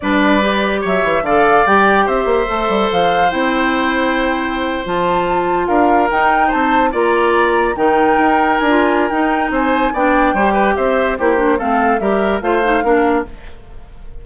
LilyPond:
<<
  \new Staff \with { instrumentName = "flute" } { \time 4/4 \tempo 4 = 145 d''2 e''4 f''4 | g''4 e''2 f''4 | g''2.~ g''8. a''16~ | a''4.~ a''16 f''4 g''4 a''16~ |
a''8. ais''2 g''4~ g''16~ | g''8. gis''4~ gis''16 g''4 gis''4 | g''2 e''4 c''4 | f''4 e''4 f''2 | }
  \new Staff \with { instrumentName = "oboe" } { \time 4/4 b'2 cis''4 d''4~ | d''4 c''2.~ | c''1~ | c''4.~ c''16 ais'2 c''16~ |
c''8. d''2 ais'4~ ais'16~ | ais'2. c''4 | d''4 c''8 b'8 c''4 g'4 | a'4 ais'4 c''4 ais'4 | }
  \new Staff \with { instrumentName = "clarinet" } { \time 4/4 d'4 g'2 a'4 | g'2 a'2 | e'2.~ e'8. f'16~ | f'2~ f'8. dis'4~ dis'16~ |
dis'8. f'2 dis'4~ dis'16~ | dis'4 f'4 dis'2 | d'4 g'2 e'8 d'8 | c'4 g'4 f'8 dis'8 d'4 | }
  \new Staff \with { instrumentName = "bassoon" } { \time 4/4 g2 fis8 e8 d4 | g4 c'8 ais8 a8 g8 f4 | c'2.~ c'8. f16~ | f4.~ f16 d'4 dis'4 c'16~ |
c'8. ais2 dis4 dis'16~ | dis'8. d'4~ d'16 dis'4 c'4 | b4 g4 c'4 ais4 | a4 g4 a4 ais4 | }
>>